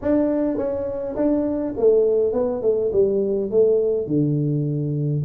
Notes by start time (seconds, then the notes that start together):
0.01 D4
0.57 C#4
1.15 D4
1.77 A3
2.32 B3
2.62 A3
2.92 G3
3.50 A3
4.06 D3